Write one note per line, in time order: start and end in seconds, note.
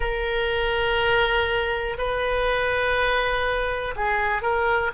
0.00 1.97 A#4
1.98 3.94 B4
3.96 4.42 G#4
4.42 4.91 A#4